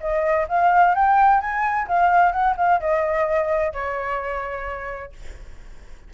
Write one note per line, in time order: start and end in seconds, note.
0.00 0.47 D#5
0.48 0.95 F5
0.95 1.40 G5
1.40 1.87 G#5
1.87 2.32 F5
2.32 2.55 F#5
2.57 2.80 F5
2.80 3.73 D#5
3.73 5.12 C#5